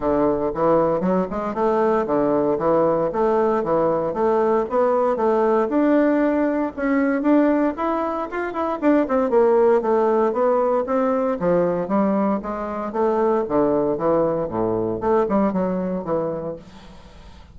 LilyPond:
\new Staff \with { instrumentName = "bassoon" } { \time 4/4 \tempo 4 = 116 d4 e4 fis8 gis8 a4 | d4 e4 a4 e4 | a4 b4 a4 d'4~ | d'4 cis'4 d'4 e'4 |
f'8 e'8 d'8 c'8 ais4 a4 | b4 c'4 f4 g4 | gis4 a4 d4 e4 | a,4 a8 g8 fis4 e4 | }